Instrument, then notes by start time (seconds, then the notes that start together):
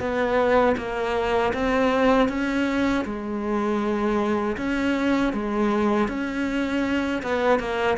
cello
0.00 B3
0.77 A#3
1.54 C4
2.29 C#4
3.05 G#3
4.57 C#4
5.33 G#3
6.08 C#4
7.22 B3
7.59 A#3